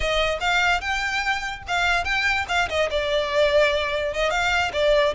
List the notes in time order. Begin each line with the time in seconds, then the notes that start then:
0.00 D#5
0.40 F5
0.80 G5
1.67 F5
2.04 G5
2.48 F5
2.69 D#5
2.90 D5
4.13 D#5
4.30 F5
4.72 D5